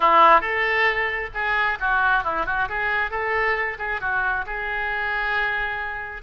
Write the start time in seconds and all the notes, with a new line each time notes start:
0.00 E4
0.40 A4
1.34 G#4
1.80 F#4
2.24 E4
2.46 F#4
2.68 G#4
3.11 A4
3.78 G#4
4.00 F#4
4.46 G#4